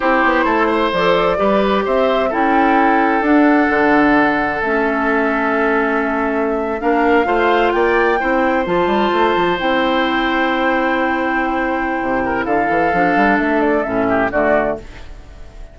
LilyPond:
<<
  \new Staff \with { instrumentName = "flute" } { \time 4/4 \tempo 4 = 130 c''2 d''2 | e''4 g''2 fis''4~ | fis''2 e''2~ | e''2~ e''8. f''4~ f''16~ |
f''8. g''2 a''4~ a''16~ | a''8. g''2.~ g''16~ | g''2. f''4~ | f''4 e''8 d''8 e''4 d''4 | }
  \new Staff \with { instrumentName = "oboe" } { \time 4/4 g'4 a'8 c''4. b'4 | c''4 a'2.~ | a'1~ | a'2~ a'8. ais'4 c''16~ |
c''8. d''4 c''2~ c''16~ | c''1~ | c''2~ c''8 ais'8 a'4~ | a'2~ a'8 g'8 fis'4 | }
  \new Staff \with { instrumentName = "clarinet" } { \time 4/4 e'2 a'4 g'4~ | g'4 e'2 d'4~ | d'2 cis'2~ | cis'2~ cis'8. d'4 f'16~ |
f'4.~ f'16 e'4 f'4~ f'16~ | f'8. e'2.~ e'16~ | e'1 | d'2 cis'4 a4 | }
  \new Staff \with { instrumentName = "bassoon" } { \time 4/4 c'8 b8 a4 f4 g4 | c'4 cis'2 d'4 | d2 a2~ | a2~ a8. ais4 a16~ |
a8. ais4 c'4 f8 g8 a16~ | a16 f8 c'2.~ c'16~ | c'2 c4 d8 e8 | f8 g8 a4 a,4 d4 | }
>>